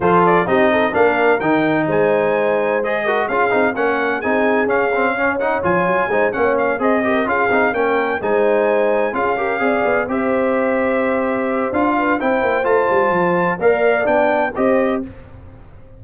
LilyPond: <<
  \new Staff \with { instrumentName = "trumpet" } { \time 4/4 \tempo 4 = 128 c''8 d''8 dis''4 f''4 g''4 | gis''2 dis''4 f''4 | fis''4 gis''4 f''4. fis''8 | gis''4. fis''8 f''8 dis''4 f''8~ |
f''8 g''4 gis''2 f''8~ | f''4. e''2~ e''8~ | e''4 f''4 g''4 a''4~ | a''4 f''4 g''4 dis''4 | }
  \new Staff \with { instrumentName = "horn" } { \time 4/4 a'4 g'8 a'8 ais'2 | c''2~ c''8 ais'8 gis'4 | ais'4 gis'2 cis''4~ | cis''4 c''8 cis''4 c''8 ais'8 gis'8~ |
gis'8 ais'4 c''2 gis'8 | ais'8 d''4 c''2~ c''8~ | c''4. b'8 c''2~ | c''4 d''2 c''4 | }
  \new Staff \with { instrumentName = "trombone" } { \time 4/4 f'4 dis'4 d'4 dis'4~ | dis'2 gis'8 fis'8 f'8 dis'8 | cis'4 dis'4 cis'8 c'8 cis'8 dis'8 | f'4 dis'8 cis'4 gis'8 g'8 f'8 |
dis'8 cis'4 dis'2 f'8 | g'8 gis'4 g'2~ g'8~ | g'4 f'4 e'4 f'4~ | f'4 ais'4 d'4 g'4 | }
  \new Staff \with { instrumentName = "tuba" } { \time 4/4 f4 c'4 ais4 dis4 | gis2. cis'8 c'8 | ais4 c'4 cis'2 | f8 fis8 gis8 ais4 c'4 cis'8 |
c'8 ais4 gis2 cis'8~ | cis'8 c'8 b8 c'2~ c'8~ | c'4 d'4 c'8 ais8 a8 g8 | f4 ais4 b4 c'4 | }
>>